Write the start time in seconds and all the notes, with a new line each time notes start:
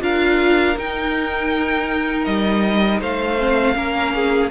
0.00 D4 F4 A#4 F5
0.77 D#4 G5
2.25 G3 D#5
3.00 A3 C5 F5
3.38 C4
3.74 A#3 C#4 A#4
4.14 G#4